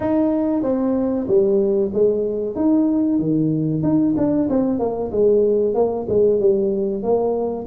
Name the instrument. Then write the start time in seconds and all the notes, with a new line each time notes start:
tuba
0.00 D#4
0.62 C4
1.27 G3
1.93 G#3
2.55 D#4
3.19 D#3
3.82 D#4
4.17 D4
4.49 C4
4.79 A#3
5.11 G#3
5.74 A#3
6.08 G#3
6.40 G3
7.02 A#3